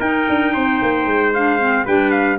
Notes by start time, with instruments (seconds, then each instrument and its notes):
0.00 tuba D#4, clarinet D#4, trumpet A#4 G5
0.29 tuba D4
0.54 tuba C4, trumpet C5
0.82 tuba A#3
1.06 tuba G#3
1.34 clarinet D4, trumpet F5
1.60 clarinet C4
1.85 tuba G3, clarinet D4, trumpet B4 G5
2.11 trumpet F5